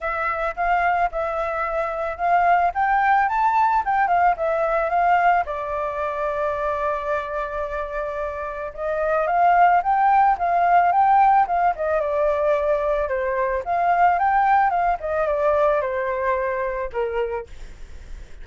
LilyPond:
\new Staff \with { instrumentName = "flute" } { \time 4/4 \tempo 4 = 110 e''4 f''4 e''2 | f''4 g''4 a''4 g''8 f''8 | e''4 f''4 d''2~ | d''1 |
dis''4 f''4 g''4 f''4 | g''4 f''8 dis''8 d''2 | c''4 f''4 g''4 f''8 dis''8 | d''4 c''2 ais'4 | }